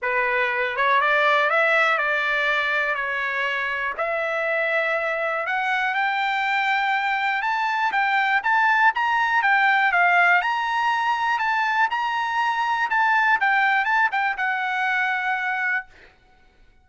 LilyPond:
\new Staff \with { instrumentName = "trumpet" } { \time 4/4 \tempo 4 = 121 b'4. cis''8 d''4 e''4 | d''2 cis''2 | e''2. fis''4 | g''2. a''4 |
g''4 a''4 ais''4 g''4 | f''4 ais''2 a''4 | ais''2 a''4 g''4 | a''8 g''8 fis''2. | }